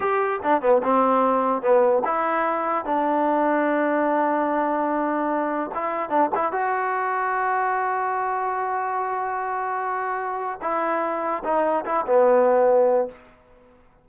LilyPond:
\new Staff \with { instrumentName = "trombone" } { \time 4/4 \tempo 4 = 147 g'4 d'8 b8 c'2 | b4 e'2 d'4~ | d'1~ | d'2 e'4 d'8 e'8 |
fis'1~ | fis'1~ | fis'2 e'2 | dis'4 e'8 b2~ b8 | }